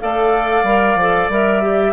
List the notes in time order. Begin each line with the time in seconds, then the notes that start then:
0.00 A3 A4 D5 F5
0.63 G3 A#4
0.95 F3 A4
1.29 G3 A#4 E5
1.62 G4